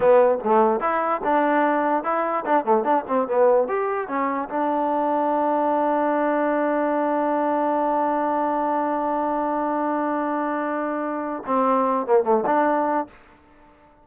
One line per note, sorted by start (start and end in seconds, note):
0.00 0.38 B3
0.44 0.80 A3
0.80 1.21 E4
1.24 2.03 D4
2.03 2.44 E4
2.45 2.65 D4
2.65 2.84 A3
2.84 3.04 D4
3.07 3.27 C4
3.27 3.68 B3
3.68 4.08 G4
4.08 4.48 C#4
4.49 11.43 D4
11.46 12.06 C4
12.06 12.23 A#3
12.23 12.44 A3
12.45 13.07 D4